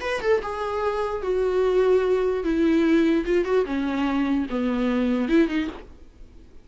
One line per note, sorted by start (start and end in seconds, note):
0.00 0.20 B4
0.21 0.41 A4
0.42 1.22 G#4
1.22 2.43 F#4
2.43 3.24 E4
3.25 3.44 F4
3.44 3.64 F#4
3.65 4.46 C#4
4.49 5.28 B3
5.28 5.48 E4
5.48 5.68 D#4